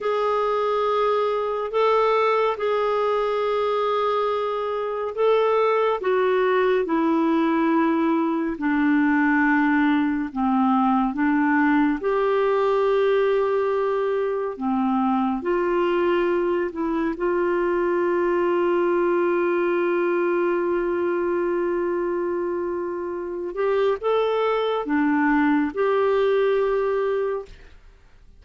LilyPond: \new Staff \with { instrumentName = "clarinet" } { \time 4/4 \tempo 4 = 70 gis'2 a'4 gis'4~ | gis'2 a'4 fis'4 | e'2 d'2 | c'4 d'4 g'2~ |
g'4 c'4 f'4. e'8 | f'1~ | f'2.~ f'8 g'8 | a'4 d'4 g'2 | }